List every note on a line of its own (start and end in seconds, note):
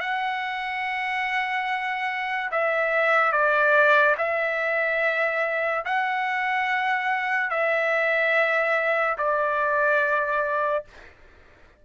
0.00 2.50 F#5
2.52 3.32 E5
3.32 4.16 D5
4.18 5.84 E5
5.85 7.50 F#5
7.50 9.17 E5
9.18 10.84 D5